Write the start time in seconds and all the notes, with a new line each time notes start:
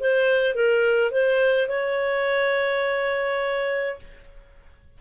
0.00 C5
0.55 A#4
1.11 C5
1.69 C#5